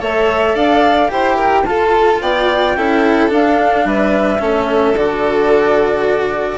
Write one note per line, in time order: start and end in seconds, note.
0.00 0.55 A3
0.00 1.08 A4
0.00 0.55 C#5
0.00 0.56 E5
0.55 1.10 D4
0.55 1.10 D5
0.55 1.11 F5
1.08 1.64 E4
1.08 1.64 G4
1.08 1.36 C5
1.08 1.65 G5
1.36 1.64 A#4
1.64 2.19 F4
1.64 2.77 F4
1.64 2.22 A4
1.64 2.20 A5
2.21 2.75 B3
2.21 2.76 D5
2.21 3.31 G5
2.75 3.31 C#4
2.75 3.28 E4
2.75 3.86 A4
3.28 4.38 D4
3.28 3.85 D4
3.28 3.87 F5
3.85 4.40 G3
3.85 4.40 B4
3.85 4.97 E5
4.39 4.94 A3
4.39 4.94 C#4
4.39 6.58 A4
4.94 6.58 D3
4.94 6.58 F#4
4.94 6.58 D5